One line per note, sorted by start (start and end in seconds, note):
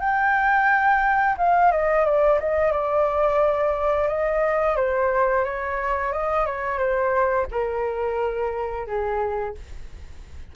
0.00 1.36 G5
1.38 1.72 F5
1.72 2.05 D#5
2.05 2.40 D5
2.40 2.72 D#5
2.72 4.08 D5
4.08 4.76 D#5
4.76 5.45 C5
5.45 6.13 C#5
6.13 6.46 D#5
6.46 6.78 C#5
6.78 7.47 C5
7.52 8.87 A#4
8.87 9.55 G#4